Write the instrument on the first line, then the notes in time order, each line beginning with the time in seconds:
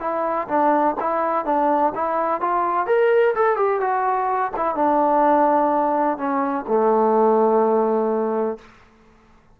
trombone
0.00 E4
0.48 D4
1.00 E4
1.45 D4
1.95 E4
2.41 F4
2.87 A#4
3.35 A4
3.56 G4
3.80 F#4
4.56 E4
4.75 D4
6.18 C#4
6.68 A3